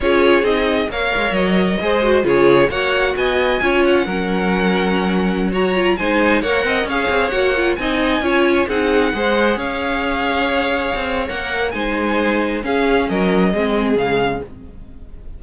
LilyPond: <<
  \new Staff \with { instrumentName = "violin" } { \time 4/4 \tempo 4 = 133 cis''4 dis''4 f''4 dis''4~ | dis''4 cis''4 fis''4 gis''4~ | gis''8 fis''2.~ fis''8~ | fis''16 ais''4 gis''4 fis''4 f''8.~ |
f''16 fis''4 gis''2 fis''8.~ | fis''4~ fis''16 f''2~ f''8.~ | f''4 fis''4 gis''2 | f''4 dis''2 f''4 | }
  \new Staff \with { instrumentName = "violin" } { \time 4/4 gis'2 cis''2 | c''4 gis'4 cis''4 dis''4 | cis''4 ais'2.~ | ais'16 cis''4 c''4 cis''8 dis''8 cis''8.~ |
cis''4~ cis''16 dis''4 cis''4 gis'8.~ | gis'16 c''4 cis''2~ cis''8.~ | cis''2 c''2 | gis'4 ais'4 gis'2 | }
  \new Staff \with { instrumentName = "viola" } { \time 4/4 f'4 dis'4 ais'2 | gis'8 fis'8 f'4 fis'2 | f'4 cis'2.~ | cis'16 fis'8 f'8 dis'4 ais'4 gis'8.~ |
gis'16 fis'8 f'8 dis'4 f'4 dis'8.~ | dis'16 gis'2.~ gis'8.~ | gis'4 ais'4 dis'2 | cis'2 c'4 gis4 | }
  \new Staff \with { instrumentName = "cello" } { \time 4/4 cis'4 c'4 ais8 gis8 fis4 | gis4 cis4 ais4 b4 | cis'4 fis2.~ | fis4~ fis16 gis4 ais8 c'8 cis'8 c'16~ |
c'16 ais4 c'4 cis'4 c'8.~ | c'16 gis4 cis'2~ cis'8.~ | cis'16 c'8. ais4 gis2 | cis'4 fis4 gis4 cis4 | }
>>